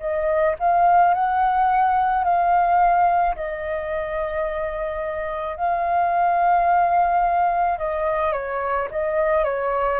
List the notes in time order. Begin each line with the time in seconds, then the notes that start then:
0.00 D#5
0.60 F5
1.14 F#5
2.24 F5
3.36 D#5
5.57 F5
7.79 D#5
8.33 C#5
8.91 D#5
9.44 C#5